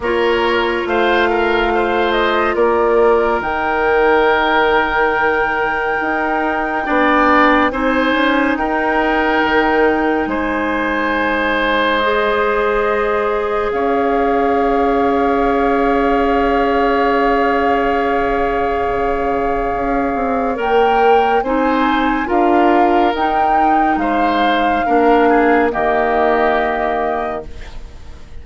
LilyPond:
<<
  \new Staff \with { instrumentName = "flute" } { \time 4/4 \tempo 4 = 70 cis''4 f''4. dis''8 d''4 | g''1~ | g''4 gis''4 g''2 | gis''2 dis''2 |
f''1~ | f''1 | g''4 gis''4 f''4 g''4 | f''2 dis''2 | }
  \new Staff \with { instrumentName = "oboe" } { \time 4/4 ais'4 c''8 ais'8 c''4 ais'4~ | ais'1 | d''4 c''4 ais'2 | c''1 |
cis''1~ | cis''1~ | cis''4 c''4 ais'2 | c''4 ais'8 gis'8 g'2 | }
  \new Staff \with { instrumentName = "clarinet" } { \time 4/4 f'1 | dis'1 | d'4 dis'2.~ | dis'2 gis'2~ |
gis'1~ | gis'1 | ais'4 dis'4 f'4 dis'4~ | dis'4 d'4 ais2 | }
  \new Staff \with { instrumentName = "bassoon" } { \time 4/4 ais4 a2 ais4 | dis2. dis'4 | b4 c'8 cis'8 dis'4 dis4 | gis1 |
cis'1~ | cis'2 cis4 cis'8 c'8 | ais4 c'4 d'4 dis'4 | gis4 ais4 dis2 | }
>>